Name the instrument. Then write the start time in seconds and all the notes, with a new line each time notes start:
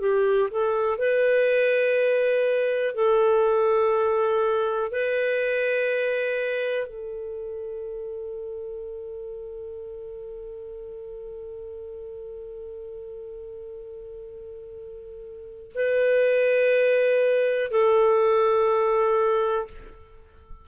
clarinet
0.00 G4
0.51 A4
0.98 B4
2.95 A4
4.92 B4
6.87 A4
15.75 B4
17.71 A4